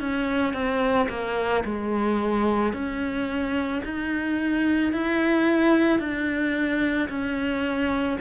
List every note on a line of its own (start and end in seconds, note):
0.00 0.54 C#4
0.54 1.09 C4
1.10 1.64 A#3
1.65 2.73 G#3
2.73 3.82 C#4
3.85 4.93 D#4
4.93 6.00 E4
6.00 7.09 D4
7.09 8.18 C#4